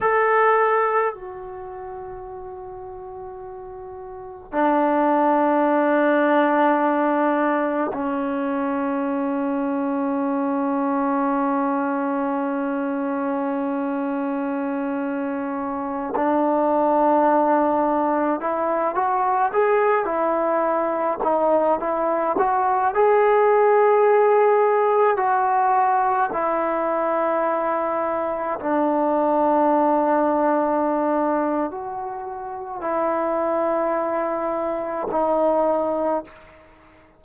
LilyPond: \new Staff \with { instrumentName = "trombone" } { \time 4/4 \tempo 4 = 53 a'4 fis'2. | d'2. cis'4~ | cis'1~ | cis'2~ cis'16 d'4.~ d'16~ |
d'16 e'8 fis'8 gis'8 e'4 dis'8 e'8 fis'16~ | fis'16 gis'2 fis'4 e'8.~ | e'4~ e'16 d'2~ d'8. | fis'4 e'2 dis'4 | }